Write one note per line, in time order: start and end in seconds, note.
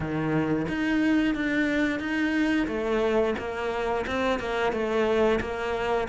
0.00 0.66 D#3
0.68 1.34 D#4
1.34 1.99 D4
1.99 2.67 D#4
2.67 3.34 A3
3.38 4.05 A#3
4.06 4.39 C4
4.39 4.72 A#3
4.72 5.39 A3
5.40 6.07 A#3